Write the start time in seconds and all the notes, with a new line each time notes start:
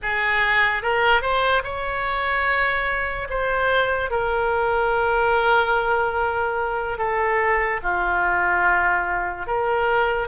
0.02 G#4
0.82 A#4
1.21 C5
1.63 C#5
3.29 C5
4.10 A#4
6.98 A4
7.82 F4
9.47 A#4